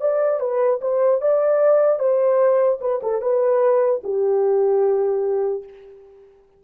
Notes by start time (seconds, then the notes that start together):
0.00 D5
0.40 B4
0.81 C5
1.21 D5
1.99 C5
2.80 B4
3.02 A4
3.21 B4
4.03 G4